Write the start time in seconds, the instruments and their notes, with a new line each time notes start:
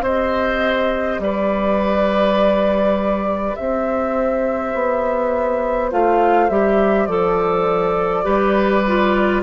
0.00 bassoon C4, clarinet G4, oboe C5, flute D#5
1.18 bassoon G3, oboe B4, flute D5
3.55 bassoon C4, oboe C5, flute E5
4.74 bassoon B3
5.90 bassoon A3, clarinet F4, flute F5
6.49 bassoon G3, clarinet G4, flute E5
7.06 bassoon F3, clarinet A4, flute D5
8.23 bassoon G3, clarinet G4, oboe B4
8.87 clarinet F4